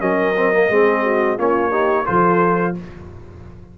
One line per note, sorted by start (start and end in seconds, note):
0.00 0.69 F#3
0.00 0.34 C#4
0.00 0.69 A#4
0.00 1.38 D#5
0.37 0.53 C4
0.53 0.70 A#3
0.69 1.38 G#3
0.69 1.38 C4
0.69 1.02 G#4
1.02 1.36 F#4
1.36 2.07 A#3
1.36 1.70 C#4
1.36 1.70 F4
1.36 2.05 C#5
1.70 2.05 D#4
1.70 2.04 G4
2.05 2.78 F3
2.05 2.74 F4
2.05 2.74 A4
2.05 2.74 C5